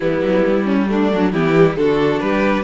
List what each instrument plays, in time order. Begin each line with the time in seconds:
0.00 cello E3, viola G3, violin B3 E4
0.21 cello F#3
0.46 cello G3
0.65 violin C#4
0.87 viola A3, violin D4
1.12 cello F#3
1.32 cello E3, viola B3, violin E4 G4
1.55 viola G3
1.76 cello D3, viola D4, violin F#4 A4
2.19 cello G3, violin G4 B4